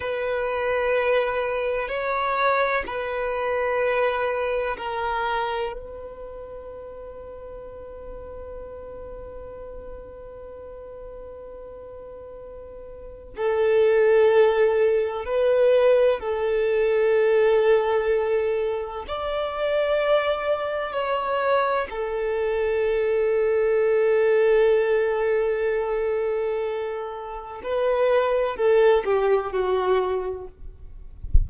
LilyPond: \new Staff \with { instrumentName = "violin" } { \time 4/4 \tempo 4 = 63 b'2 cis''4 b'4~ | b'4 ais'4 b'2~ | b'1~ | b'2 a'2 |
b'4 a'2. | d''2 cis''4 a'4~ | a'1~ | a'4 b'4 a'8 g'8 fis'4 | }